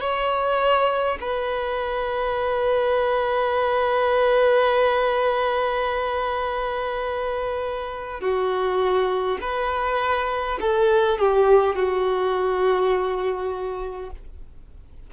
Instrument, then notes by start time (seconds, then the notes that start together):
violin
0.00 C#5
1.20 B4
8.20 F#4
9.41 B4
10.60 A4
11.18 G4
11.75 F#4